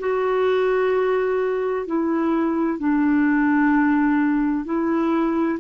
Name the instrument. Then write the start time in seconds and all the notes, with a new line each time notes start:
clarinet
0.00 F#4
1.87 E4
2.80 D4
4.65 E4